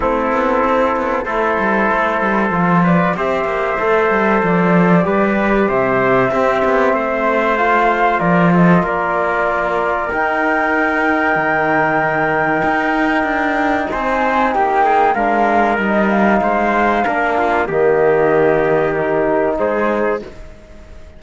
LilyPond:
<<
  \new Staff \with { instrumentName = "flute" } { \time 4/4 \tempo 4 = 95 a'2 c''2~ | c''8 d''8 e''2 d''4~ | d''4 e''2. | f''4 d''8 dis''8 d''2 |
g''1~ | g''2 gis''4 g''4 | f''4 dis''8 f''2~ f''8 | dis''2 ais'4 c''4 | }
  \new Staff \with { instrumentName = "trumpet" } { \time 4/4 e'2 a'2~ | a'8 b'8 c''2. | b'4 c''4 g'4 c''4~ | c''4 ais'8 a'8 ais'2~ |
ais'1~ | ais'2 c''4 g'8 gis'8 | ais'2 c''4 ais'8 f'8 | g'2. gis'4 | }
  \new Staff \with { instrumentName = "trombone" } { \time 4/4 c'2 e'2 | f'4 g'4 a'2 | g'2 c'2 | f'1 |
dis'1~ | dis'1 | d'4 dis'2 d'4 | ais2 dis'2 | }
  \new Staff \with { instrumentName = "cello" } { \time 4/4 a8 b8 c'8 b8 a8 g8 a8 g8 | f4 c'8 ais8 a8 g8 f4 | g4 c4 c'8 b8 a4~ | a4 f4 ais2 |
dis'2 dis2 | dis'4 d'4 c'4 ais4 | gis4 g4 gis4 ais4 | dis2. gis4 | }
>>